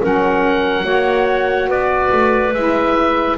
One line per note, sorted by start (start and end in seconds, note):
0.00 0.83 F#3
0.00 0.82 C#4
0.00 0.85 A#4
0.00 1.70 F#5
0.82 1.68 A#3
0.82 2.51 F#4
0.82 1.68 C#5
1.68 2.10 B3
1.68 3.37 B4
1.68 2.54 D5
2.12 2.54 A3
2.54 3.37 G#3
2.54 3.37 E4
2.54 3.37 E5